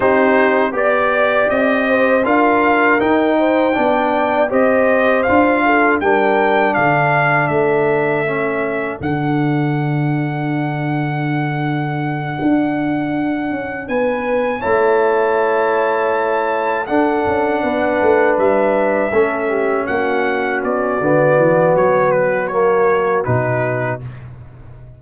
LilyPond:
<<
  \new Staff \with { instrumentName = "trumpet" } { \time 4/4 \tempo 4 = 80 c''4 d''4 dis''4 f''4 | g''2 dis''4 f''4 | g''4 f''4 e''2 | fis''1~ |
fis''2~ fis''8 gis''4 a''8~ | a''2~ a''8 fis''4.~ | fis''8 e''2 fis''4 d''8~ | d''4 cis''8 b'8 cis''4 b'4 | }
  \new Staff \with { instrumentName = "horn" } { \time 4/4 g'4 d''4. c''8 ais'4~ | ais'8 c''8 d''4 c''4. a'8 | ais'4 a'2.~ | a'1~ |
a'2~ a'8 b'4 cis''8~ | cis''2~ cis''8 a'4 b'8~ | b'4. a'8 g'8 fis'4.~ | fis'1 | }
  \new Staff \with { instrumentName = "trombone" } { \time 4/4 dis'4 g'2 f'4 | dis'4 d'4 g'4 f'4 | d'2. cis'4 | d'1~ |
d'2.~ d'8 e'8~ | e'2~ e'8 d'4.~ | d'4. cis'2~ cis'8 | b2 ais4 dis'4 | }
  \new Staff \with { instrumentName = "tuba" } { \time 4/4 c'4 b4 c'4 d'4 | dis'4 b4 c'4 d'4 | g4 d4 a2 | d1~ |
d8 d'4. cis'8 b4 a8~ | a2~ a8 d'8 cis'8 b8 | a8 g4 a4 ais4 b8 | d8 e8 fis2 b,4 | }
>>